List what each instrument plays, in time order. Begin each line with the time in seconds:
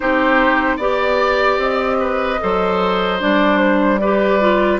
0.00 bassoon C4, clarinet D#4, oboe G4, flute C5
0.77 bassoon B3, clarinet G4, oboe D5, flute D5
1.58 bassoon C4, flute D#5
2.00 oboe B4
2.40 bassoon F#3, clarinet A4, oboe C5
3.19 bassoon G3, clarinet D4, flute D5
3.58 flute C5
3.98 clarinet G4, oboe B4, flute D5
4.40 clarinet F4